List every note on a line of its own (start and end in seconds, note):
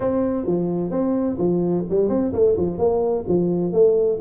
0.00 0.46 C4
0.46 0.90 F3
0.90 1.37 C4
1.37 1.84 F3
1.89 2.09 G3
2.09 2.32 C4
2.32 2.56 A3
2.57 2.78 F3
2.78 3.25 A#3
3.28 3.73 F3
3.73 4.19 A3